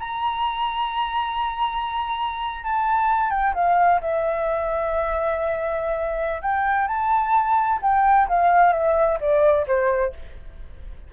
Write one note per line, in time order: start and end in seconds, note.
0.00 2.64 A#5
2.64 3.31 A5
3.31 3.54 G5
3.55 4.01 F5
4.01 6.42 E5
6.42 6.87 G5
6.87 7.80 A5
7.82 8.28 G5
8.28 8.73 F5
8.73 9.19 E5
9.20 9.67 D5
9.67 10.13 C5